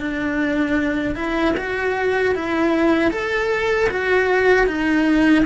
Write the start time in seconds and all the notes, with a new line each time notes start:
0.00 D4
1.16 E4
1.57 F#4
2.36 E4
3.12 A4
3.90 F#4
4.67 D#4